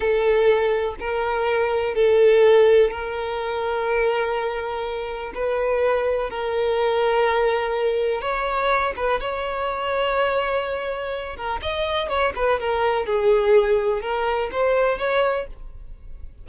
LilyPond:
\new Staff \with { instrumentName = "violin" } { \time 4/4 \tempo 4 = 124 a'2 ais'2 | a'2 ais'2~ | ais'2. b'4~ | b'4 ais'2.~ |
ais'4 cis''4. b'8 cis''4~ | cis''2.~ cis''8 ais'8 | dis''4 cis''8 b'8 ais'4 gis'4~ | gis'4 ais'4 c''4 cis''4 | }